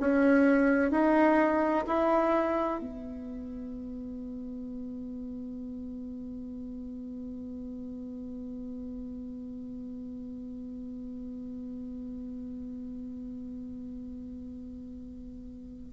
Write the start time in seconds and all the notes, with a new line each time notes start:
0.00 C#4
0.91 D#4
1.87 E4
2.80 B3